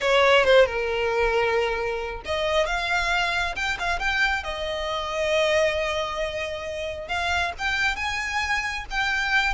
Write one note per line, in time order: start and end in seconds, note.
0.00 0.44 C#5
0.44 0.65 C5
0.65 2.21 A#4
2.25 2.66 D#5
2.66 3.55 F5
3.55 3.77 G5
3.79 3.99 F5
3.99 4.43 G5
4.43 7.08 D#5
7.08 7.52 F5
7.58 7.96 G5
7.96 8.85 G#5
8.90 9.54 G5